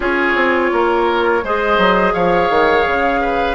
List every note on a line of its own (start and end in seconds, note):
0.00 0.34 C#4
0.00 1.42 F4
0.00 0.71 G#4
0.00 1.46 C#5
0.35 0.70 C4
0.71 1.43 A#3
0.71 1.44 A#4
1.43 1.78 G#3
1.43 3.55 G#4
1.43 2.13 C5
1.43 2.13 D#5
1.78 2.13 F#3
2.13 2.50 F3
2.13 3.20 C#5
2.13 3.55 F5
2.50 2.85 D#3
2.86 3.55 C#3
3.21 3.55 B4